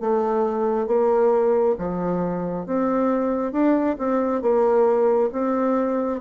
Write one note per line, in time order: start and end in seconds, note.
0.00 0.87 A3
0.87 1.75 A#3
1.78 2.66 F3
2.66 3.52 C4
3.52 3.96 D4
3.98 4.42 C4
4.42 5.30 A#3
5.32 6.20 C4